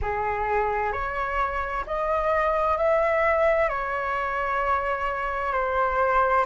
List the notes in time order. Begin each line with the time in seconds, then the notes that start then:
0.01 G#4
0.92 C#5
1.86 D#5
2.77 E5
3.68 C#5
5.53 C5